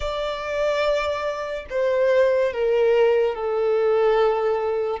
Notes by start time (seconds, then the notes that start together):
0.00 D5
1.70 C5
2.52 A#4
3.35 A4